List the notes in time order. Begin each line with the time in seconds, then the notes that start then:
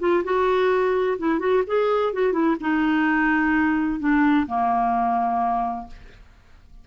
0.00 F4
0.24 F#4
1.18 E4
1.39 F#4
1.67 G#4
2.13 F#4
2.33 E4
2.61 D#4
4.00 D4
4.47 A#3